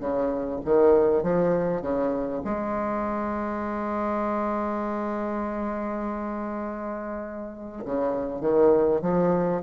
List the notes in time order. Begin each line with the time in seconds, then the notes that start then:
0.00 C#3
0.65 D#3
1.23 F3
1.82 C#3
2.45 G#3
7.85 C#3
8.41 D#3
9.02 F3